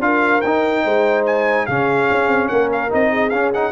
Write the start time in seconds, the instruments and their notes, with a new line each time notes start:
0.00 tuba D4, trombone F4, horn A#4, trumpet F5
0.42 tuba D#4, trombone D#4, trumpet G5
0.84 tuba G#3, horn C5
1.26 trumpet G#5
1.66 tuba C#3, trombone C#4, horn G#4, trumpet F5
2.11 tuba C#4
2.27 tuba C4
2.48 tuba A#3, horn A#4, trumpet F#5
2.72 trumpet F5
2.90 tuba C4, trombone D#4, trumpet D#5
3.11 horn G#4
3.30 tuba C#4, trombone C#4, trumpet F5
3.54 trombone D#4, trumpet F#5